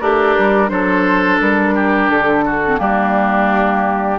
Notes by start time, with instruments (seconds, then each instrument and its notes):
0.00 bassoon A3, oboe D4, clarinet G4, flute A#4
0.37 bassoon G3
0.67 bassoon F#3, clarinet D4, oboe A4, flute C5
1.40 bassoon G3, flute A#4
1.74 oboe G4
2.09 bassoon D3, flute A4
2.45 oboe F#4
2.66 clarinet C4
2.77 bassoon G3, clarinet A#3, oboe D4, flute G4